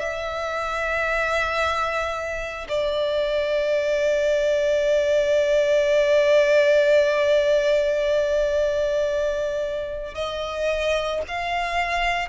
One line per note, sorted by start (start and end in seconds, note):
0.00 2.68 E5
2.69 10.15 D5
10.15 11.22 D#5
11.28 12.29 F5